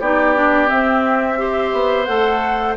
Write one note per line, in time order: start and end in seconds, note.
0.00 0.69 B3
0.00 0.35 D#4
0.00 1.38 G4
0.00 0.69 D5
0.35 0.67 D4
0.67 1.36 C4
0.67 1.73 C4
0.67 2.05 E5
1.36 2.05 G4
1.36 2.76 C5
1.73 2.07 B3
2.05 2.76 A3
2.05 2.76 A4
2.05 2.74 F#5